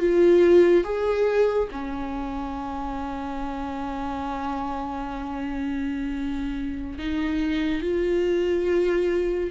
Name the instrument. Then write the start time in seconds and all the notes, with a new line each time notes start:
viola
0.00 F4
0.85 G#4
1.72 C#4
6.99 D#4
7.82 F4